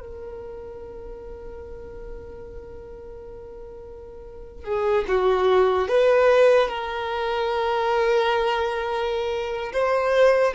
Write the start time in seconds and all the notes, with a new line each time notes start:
0.00 A#4
4.64 G#4
5.08 F#4
5.87 B4
6.68 A#4
9.73 C5